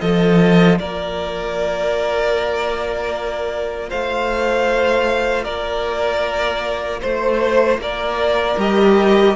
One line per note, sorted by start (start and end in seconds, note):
0.00 0.80 F3
0.00 8.57 F4
0.00 0.79 A4
0.00 0.79 D#5
0.79 3.92 A#3
0.79 3.90 A#4
0.79 3.90 D5
3.90 5.47 A3
3.90 5.44 C5
3.90 5.44 F5
5.44 7.02 A#3
5.44 7.00 A#4
5.44 7.00 D5
7.02 7.78 A3
7.02 7.80 C5
7.02 7.81 C5
7.78 8.56 A#3
7.78 9.36 A#4
7.78 8.60 D5
8.58 9.36 G3
8.58 9.36 G4
8.58 9.36 D#5